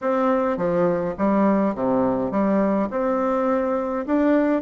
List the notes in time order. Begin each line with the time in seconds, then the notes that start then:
0.01 C4
0.57 F3
1.18 G3
1.74 C3
2.31 G3
2.90 C4
4.06 D4